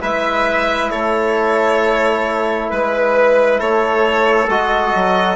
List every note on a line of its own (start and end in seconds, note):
0.00 0.92 G#3
0.00 4.48 E4
0.00 0.90 B4
0.00 0.91 E5
0.91 2.71 A3
0.91 2.70 A4
0.91 2.70 C#5
2.70 3.61 G#3
2.70 3.59 B4
2.70 3.60 B4
3.59 4.48 A3
3.59 5.36 A4
3.59 4.49 C#5
4.48 4.93 G#3
4.48 5.36 F#4
4.48 5.36 D#5
4.94 5.36 F#3